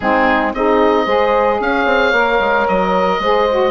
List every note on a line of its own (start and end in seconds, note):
0.00 0.53 G#3
0.00 0.55 C4
0.00 0.55 D#4
0.00 0.53 G#4
0.53 1.06 C4
0.53 1.06 D#4
0.53 1.05 G#4
0.53 1.61 D#5
1.05 1.60 G#3
1.05 2.14 G#4
1.05 1.58 C5
1.60 1.85 C#4
1.60 3.21 C#5
1.60 2.68 F5
1.85 2.12 C4
2.12 2.39 A#3
2.12 3.22 A#4
2.39 2.66 G#3
2.68 3.19 F#3
2.68 3.71 D#5
3.19 3.71 G#3
3.19 3.49 G#4
3.19 3.71 C5
3.50 3.71 F#4